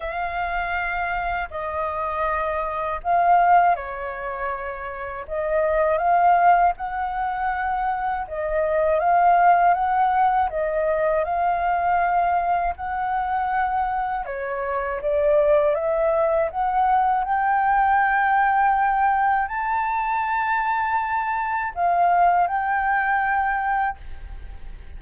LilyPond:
\new Staff \with { instrumentName = "flute" } { \time 4/4 \tempo 4 = 80 f''2 dis''2 | f''4 cis''2 dis''4 | f''4 fis''2 dis''4 | f''4 fis''4 dis''4 f''4~ |
f''4 fis''2 cis''4 | d''4 e''4 fis''4 g''4~ | g''2 a''2~ | a''4 f''4 g''2 | }